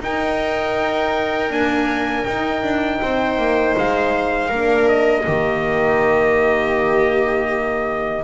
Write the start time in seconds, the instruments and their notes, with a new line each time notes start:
0.00 double bass D#4, horn D#4, viola A#4, trumpet G5
1.50 horn A#3, double bass D4, trumpet G#5
2.25 double bass D#4, horn D#4, trumpet G5
2.62 double bass D4
3.02 double bass C4, viola C5
3.38 double bass A#3
3.77 double bass G#3, trumpet F5
4.49 double bass A#3, horn D4, viola A#4
4.88 trumpet D#5
5.25 double bass D#3, horn A#3, viola G4